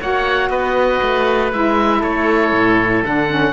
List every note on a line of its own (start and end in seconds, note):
0.00 0.49 A#3
0.00 1.51 F#4
0.00 0.50 C#5
0.00 0.50 F#5
0.49 1.00 B3
0.49 1.99 B4
0.49 1.52 D#5
1.02 1.52 A3
1.51 2.03 G#3
1.51 3.04 E4
1.51 2.02 E5
1.99 2.52 A3
1.99 3.52 A4
1.99 3.04 C#5
2.52 3.03 A2
3.04 3.52 D3
3.04 3.29 D4
3.04 3.52 F#5
3.29 3.52 C#4